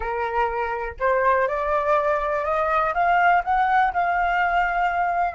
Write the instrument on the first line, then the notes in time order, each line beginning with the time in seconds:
flute
0.00 A#4
0.99 C5
1.48 D5
2.44 D#5
2.94 F5
3.44 F#5
3.93 F5